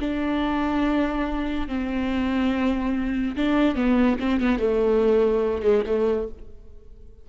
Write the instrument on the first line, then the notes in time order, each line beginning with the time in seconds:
viola
0.00 D4
1.68 C4
3.36 D4
3.76 B3
4.20 C4
4.41 B3
4.59 A3
5.62 G#3
5.86 A3